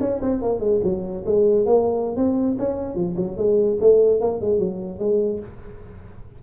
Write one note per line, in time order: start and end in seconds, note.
0.00 0.20 C#4
0.21 0.41 C4
0.41 0.59 A#3
0.59 0.80 G#3
0.83 1.24 F#3
1.26 1.65 G#3
1.65 2.16 A#3
2.16 2.57 C4
2.58 2.94 C#4
2.94 3.15 F3
3.16 3.37 F#3
3.37 3.77 G#3
3.80 4.20 A3
4.20 4.40 A#3
4.40 4.59 G#3
4.59 4.99 F#3
4.99 5.40 G#3